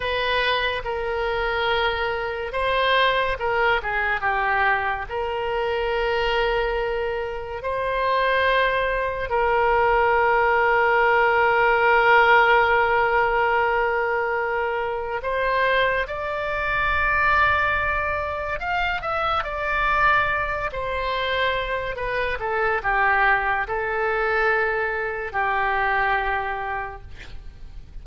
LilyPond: \new Staff \with { instrumentName = "oboe" } { \time 4/4 \tempo 4 = 71 b'4 ais'2 c''4 | ais'8 gis'8 g'4 ais'2~ | ais'4 c''2 ais'4~ | ais'1~ |
ais'2 c''4 d''4~ | d''2 f''8 e''8 d''4~ | d''8 c''4. b'8 a'8 g'4 | a'2 g'2 | }